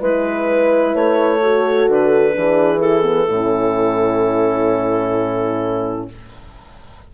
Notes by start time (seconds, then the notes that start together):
0.00 G#3 E4 B4
0.95 A3 C#5
1.42 F#4 A4
1.88 D3 B4
2.33 E3 D4 G#4
2.80 E4 A4
3.03 B3
3.28 A2 C#4 E4